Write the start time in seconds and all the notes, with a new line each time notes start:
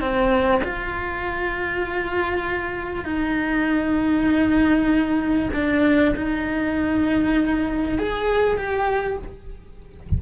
0.00 C4
0.64 F4
3.05 D#4
5.54 D4
6.16 D#4
7.99 G#4
8.57 G4